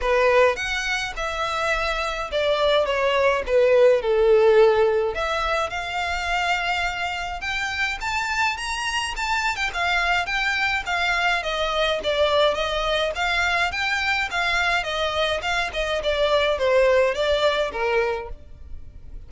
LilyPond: \new Staff \with { instrumentName = "violin" } { \time 4/4 \tempo 4 = 105 b'4 fis''4 e''2 | d''4 cis''4 b'4 a'4~ | a'4 e''4 f''2~ | f''4 g''4 a''4 ais''4 |
a''8. g''16 f''4 g''4 f''4 | dis''4 d''4 dis''4 f''4 | g''4 f''4 dis''4 f''8 dis''8 | d''4 c''4 d''4 ais'4 | }